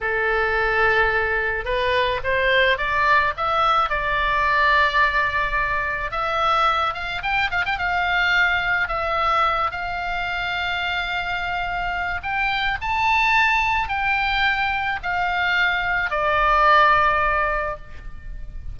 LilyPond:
\new Staff \with { instrumentName = "oboe" } { \time 4/4 \tempo 4 = 108 a'2. b'4 | c''4 d''4 e''4 d''4~ | d''2. e''4~ | e''8 f''8 g''8 f''16 g''16 f''2 |
e''4. f''2~ f''8~ | f''2 g''4 a''4~ | a''4 g''2 f''4~ | f''4 d''2. | }